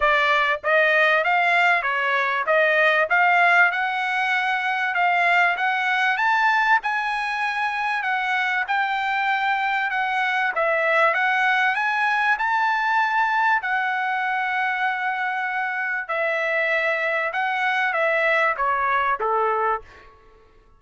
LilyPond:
\new Staff \with { instrumentName = "trumpet" } { \time 4/4 \tempo 4 = 97 d''4 dis''4 f''4 cis''4 | dis''4 f''4 fis''2 | f''4 fis''4 a''4 gis''4~ | gis''4 fis''4 g''2 |
fis''4 e''4 fis''4 gis''4 | a''2 fis''2~ | fis''2 e''2 | fis''4 e''4 cis''4 a'4 | }